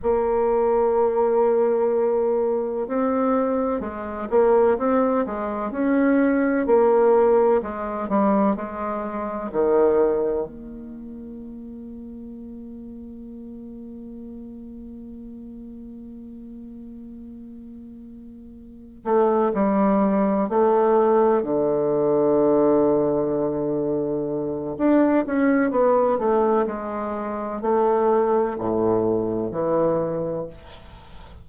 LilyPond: \new Staff \with { instrumentName = "bassoon" } { \time 4/4 \tempo 4 = 63 ais2. c'4 | gis8 ais8 c'8 gis8 cis'4 ais4 | gis8 g8 gis4 dis4 ais4~ | ais1~ |
ais1 | a8 g4 a4 d4.~ | d2 d'8 cis'8 b8 a8 | gis4 a4 a,4 e4 | }